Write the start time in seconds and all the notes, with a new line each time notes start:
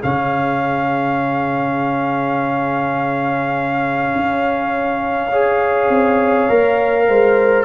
0.00 C#3 C#4 G#4 F5
4.15 C#4
5.29 G#4 C#5
5.89 C4
6.49 A#3 A#4
7.08 G#3 C5